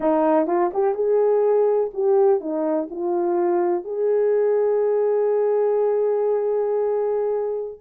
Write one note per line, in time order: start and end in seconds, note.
0.00 0.46 D#4
0.46 0.70 F4
0.73 0.94 G4
0.94 1.90 G#4
1.93 2.40 G4
2.40 2.88 D#4
2.90 3.84 F4
3.84 7.80 G#4